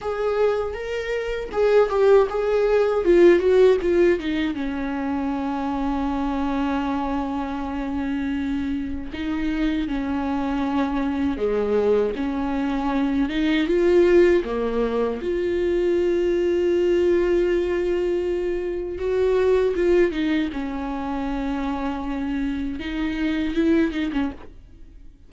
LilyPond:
\new Staff \with { instrumentName = "viola" } { \time 4/4 \tempo 4 = 79 gis'4 ais'4 gis'8 g'8 gis'4 | f'8 fis'8 f'8 dis'8 cis'2~ | cis'1 | dis'4 cis'2 gis4 |
cis'4. dis'8 f'4 ais4 | f'1~ | f'4 fis'4 f'8 dis'8 cis'4~ | cis'2 dis'4 e'8 dis'16 cis'16 | }